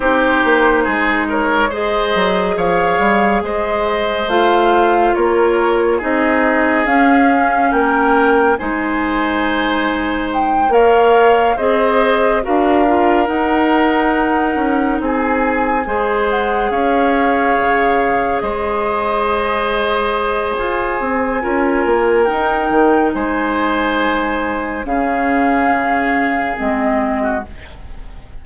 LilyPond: <<
  \new Staff \with { instrumentName = "flute" } { \time 4/4 \tempo 4 = 70 c''4. cis''8 dis''4 f''4 | dis''4 f''4 cis''4 dis''4 | f''4 g''4 gis''2 | g''8 f''4 dis''4 f''4 fis''8~ |
fis''4. gis''4. fis''8 f''8~ | f''4. dis''2~ dis''8 | gis''2 g''4 gis''4~ | gis''4 f''2 dis''4 | }
  \new Staff \with { instrumentName = "oboe" } { \time 4/4 g'4 gis'8 ais'8 c''4 cis''4 | c''2 ais'4 gis'4~ | gis'4 ais'4 c''2~ | c''8 cis''4 c''4 ais'4.~ |
ais'4. gis'4 c''4 cis''8~ | cis''4. c''2~ c''8~ | c''4 ais'2 c''4~ | c''4 gis'2~ gis'8. fis'16 | }
  \new Staff \with { instrumentName = "clarinet" } { \time 4/4 dis'2 gis'2~ | gis'4 f'2 dis'4 | cis'2 dis'2~ | dis'8 ais'4 gis'4 fis'8 f'8 dis'8~ |
dis'2~ dis'8 gis'4.~ | gis'1~ | gis'4 f'4 dis'2~ | dis'4 cis'2 c'4 | }
  \new Staff \with { instrumentName = "bassoon" } { \time 4/4 c'8 ais8 gis4. fis8 f8 g8 | gis4 a4 ais4 c'4 | cis'4 ais4 gis2~ | gis8 ais4 c'4 d'4 dis'8~ |
dis'4 cis'8 c'4 gis4 cis'8~ | cis'8 cis4 gis2~ gis8 | f'8 c'8 cis'8 ais8 dis'8 dis8 gis4~ | gis4 cis2 gis4 | }
>>